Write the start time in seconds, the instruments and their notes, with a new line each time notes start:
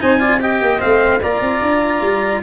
0.00 tuba C4, cello D#4, saxophone C5, trumpet G#5
0.18 cello F4, saxophone D5
0.40 cello G4, saxophone D#5, trumpet G5
0.61 tuba A#3
0.79 tuba A3, cello C4, trumpet F5
1.21 tuba A#3, cello F4, saxophone D5, trumpet A#5
1.40 tuba C4
1.61 tuba D4
2.01 tuba G3